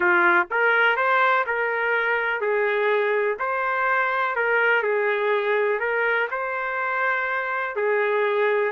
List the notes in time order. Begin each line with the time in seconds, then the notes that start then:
0.00 F4
0.50 A#4
0.96 C5
1.46 A#4
2.40 G#4
3.39 C5
4.35 A#4
4.82 G#4
5.79 A#4
6.30 C5
7.76 G#4